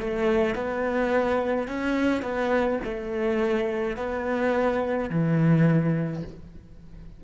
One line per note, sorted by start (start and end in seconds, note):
0.00 0.55 A3
0.55 1.68 B3
1.68 2.22 C#4
2.22 2.79 B3
2.84 3.97 A3
3.97 5.10 B3
5.10 6.23 E3